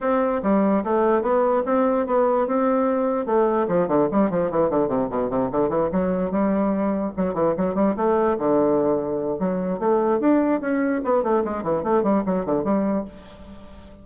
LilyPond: \new Staff \with { instrumentName = "bassoon" } { \time 4/4 \tempo 4 = 147 c'4 g4 a4 b4 | c'4 b4 c'2 | a4 f8 d8 g8 f8 e8 d8 | c8 b,8 c8 d8 e8 fis4 g8~ |
g4. fis8 e8 fis8 g8 a8~ | a8 d2~ d8 fis4 | a4 d'4 cis'4 b8 a8 | gis8 e8 a8 g8 fis8 d8 g4 | }